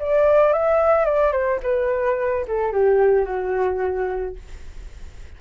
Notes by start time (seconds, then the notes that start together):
0.00 D5
0.53 E5
1.05 D5
1.33 C5
1.63 B4
2.48 A4
2.72 G4
3.26 F#4